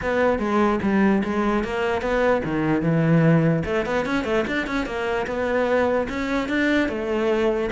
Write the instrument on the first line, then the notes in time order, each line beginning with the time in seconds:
cello
0.02 B3
0.39 G#3
0.82 G3
1.23 G#3
1.64 A#3
2.01 B3
2.44 D#3
2.82 E3
3.65 A3
3.85 B3
4.05 C#4
4.24 A3
4.47 D4
4.66 C#4
4.86 A#3
5.26 B3
6.09 C#4
6.48 D4
6.88 A3